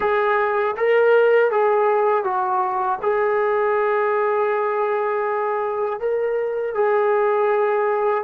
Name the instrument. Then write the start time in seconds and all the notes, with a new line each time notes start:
trombone
0.00 G#4
0.77 A#4
1.51 G#4
2.24 F#4
3.02 G#4
5.99 A#4
6.74 G#4